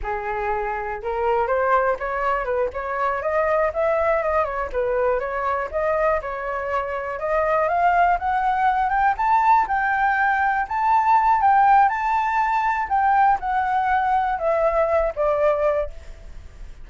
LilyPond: \new Staff \with { instrumentName = "flute" } { \time 4/4 \tempo 4 = 121 gis'2 ais'4 c''4 | cis''4 b'8 cis''4 dis''4 e''8~ | e''8 dis''8 cis''8 b'4 cis''4 dis''8~ | dis''8 cis''2 dis''4 f''8~ |
f''8 fis''4. g''8 a''4 g''8~ | g''4. a''4. g''4 | a''2 g''4 fis''4~ | fis''4 e''4. d''4. | }